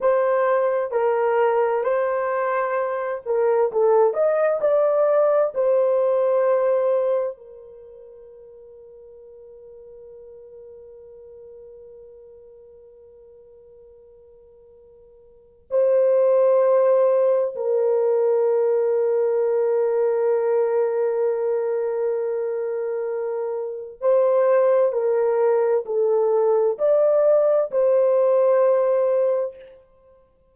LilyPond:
\new Staff \with { instrumentName = "horn" } { \time 4/4 \tempo 4 = 65 c''4 ais'4 c''4. ais'8 | a'8 dis''8 d''4 c''2 | ais'1~ | ais'1~ |
ais'4 c''2 ais'4~ | ais'1~ | ais'2 c''4 ais'4 | a'4 d''4 c''2 | }